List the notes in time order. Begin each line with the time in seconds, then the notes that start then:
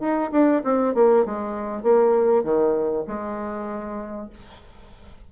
0.00 D#4
0.32 D4
0.64 C4
0.95 A#3
1.26 G#3
1.83 A#3
2.44 D#3
3.07 G#3